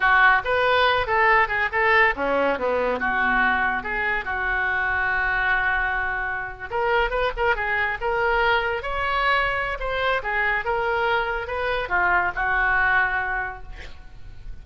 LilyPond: \new Staff \with { instrumentName = "oboe" } { \time 4/4 \tempo 4 = 141 fis'4 b'4. a'4 gis'8 | a'4 cis'4 b4 fis'4~ | fis'4 gis'4 fis'2~ | fis'2.~ fis'8. ais'16~ |
ais'8. b'8 ais'8 gis'4 ais'4~ ais'16~ | ais'8. cis''2~ cis''16 c''4 | gis'4 ais'2 b'4 | f'4 fis'2. | }